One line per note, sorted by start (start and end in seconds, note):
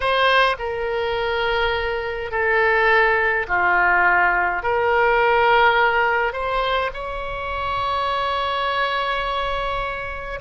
0.00 0.56 C5
0.58 2.31 A#4
2.31 3.46 A4
3.48 4.62 F4
4.62 6.33 A#4
6.33 6.90 C5
6.93 10.39 C#5